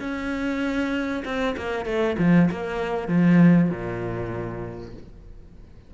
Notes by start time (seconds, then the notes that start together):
0.00 C#4
1.25 C4
1.57 A#3
1.86 A3
2.19 F3
2.51 A#3
3.09 F3
3.71 A#2